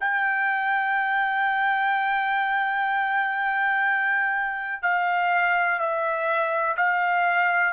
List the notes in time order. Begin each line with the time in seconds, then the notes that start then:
0.00 G5
4.82 F5
5.79 E5
6.76 F5